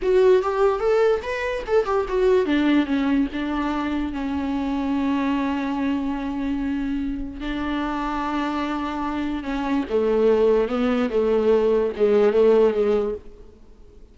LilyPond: \new Staff \with { instrumentName = "viola" } { \time 4/4 \tempo 4 = 146 fis'4 g'4 a'4 b'4 | a'8 g'8 fis'4 d'4 cis'4 | d'2 cis'2~ | cis'1~ |
cis'2 d'2~ | d'2. cis'4 | a2 b4 a4~ | a4 gis4 a4 gis4 | }